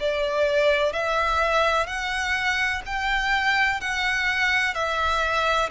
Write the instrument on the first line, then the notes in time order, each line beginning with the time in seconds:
violin
0.00 D5
0.93 E5
1.87 F#5
2.86 G5
3.81 F#5
4.74 E5